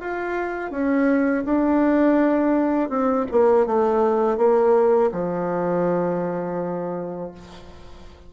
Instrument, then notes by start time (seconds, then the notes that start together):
bassoon
0.00 F4
0.71 C#4
1.45 D4
2.89 C4
3.31 A#3
3.66 A3
4.37 A#3
5.12 F3